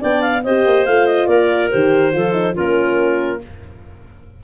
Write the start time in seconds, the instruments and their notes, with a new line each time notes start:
0.00 tuba B3, horn D4, clarinet D5 G5
0.22 clarinet F5
0.44 tuba C4, horn G4, clarinet C5 D#5
0.66 tuba A#3
0.86 tuba A3, horn F4, clarinet F5
1.07 clarinet D#5
1.27 tuba A#3, clarinet A#4 D5
1.71 tuba D#3, horn G4, clarinet C5
2.13 tuba F3, horn F4, clarinet A4
2.33 horn D#4
2.54 tuba A#3, horn C#4, clarinet F4 A#4